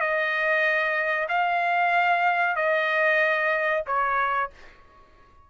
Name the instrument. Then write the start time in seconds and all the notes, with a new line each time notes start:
trumpet
0.00 D#5
1.29 F5
2.56 D#5
3.86 C#5